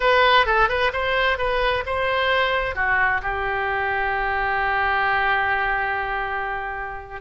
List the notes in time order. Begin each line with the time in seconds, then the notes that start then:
0.00 B4
0.46 A4
0.68 B4
0.92 C5
1.38 B4
1.85 C5
2.75 F#4
3.22 G4